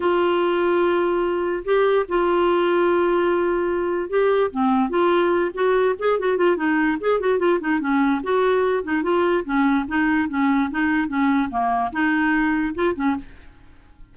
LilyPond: \new Staff \with { instrumentName = "clarinet" } { \time 4/4 \tempo 4 = 146 f'1 | g'4 f'2.~ | f'2 g'4 c'4 | f'4. fis'4 gis'8 fis'8 f'8 |
dis'4 gis'8 fis'8 f'8 dis'8 cis'4 | fis'4. dis'8 f'4 cis'4 | dis'4 cis'4 dis'4 cis'4 | ais4 dis'2 f'8 cis'8 | }